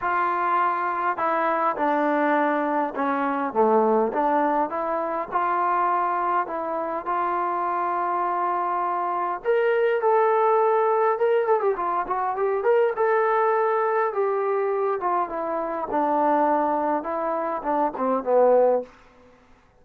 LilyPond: \new Staff \with { instrumentName = "trombone" } { \time 4/4 \tempo 4 = 102 f'2 e'4 d'4~ | d'4 cis'4 a4 d'4 | e'4 f'2 e'4 | f'1 |
ais'4 a'2 ais'8 a'16 g'16 | f'8 fis'8 g'8 ais'8 a'2 | g'4. f'8 e'4 d'4~ | d'4 e'4 d'8 c'8 b4 | }